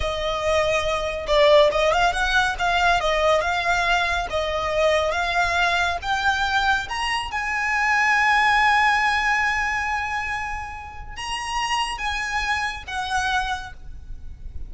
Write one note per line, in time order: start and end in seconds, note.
0.00 1.26 D#5
1.27 1.69 D5
1.71 1.92 D#5
1.92 2.12 F5
2.12 2.55 F#5
2.58 3.00 F5
3.00 3.41 D#5
3.41 4.27 F5
4.30 5.11 D#5
5.11 5.97 F5
6.02 6.87 G5
6.88 7.31 A#5
7.31 11.16 G#5
11.16 11.97 A#5
11.97 12.83 G#5
12.87 13.73 F#5